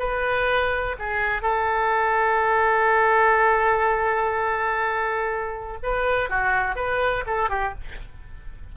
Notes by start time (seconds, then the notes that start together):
0.00 B4
0.99 G#4
1.43 A4
5.83 B4
6.30 F#4
6.76 B4
7.27 A4
7.50 G4